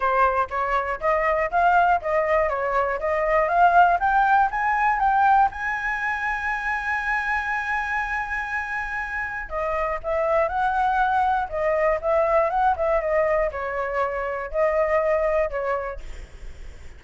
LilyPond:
\new Staff \with { instrumentName = "flute" } { \time 4/4 \tempo 4 = 120 c''4 cis''4 dis''4 f''4 | dis''4 cis''4 dis''4 f''4 | g''4 gis''4 g''4 gis''4~ | gis''1~ |
gis''2. dis''4 | e''4 fis''2 dis''4 | e''4 fis''8 e''8 dis''4 cis''4~ | cis''4 dis''2 cis''4 | }